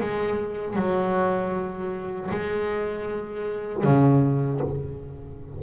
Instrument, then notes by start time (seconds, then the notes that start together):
double bass
0.00 G#3
0.76 F#3
2.30 G#3
3.83 C#3